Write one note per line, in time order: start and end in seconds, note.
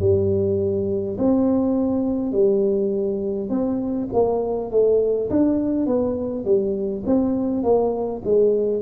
0.00 1.18 G3
1.18 2.32 C4
2.32 3.50 G3
3.50 4.09 C4
4.13 4.71 A#3
4.71 5.30 A3
5.30 5.87 D4
5.87 6.45 B3
6.45 7.04 G3
7.06 7.64 C4
7.64 8.22 A#3
8.25 8.82 G#3